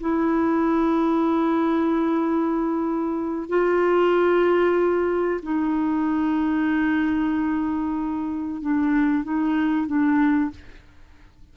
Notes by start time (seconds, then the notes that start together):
0.00 E4
3.49 F4
5.42 D#4
8.61 D4
9.23 D#4
9.87 D4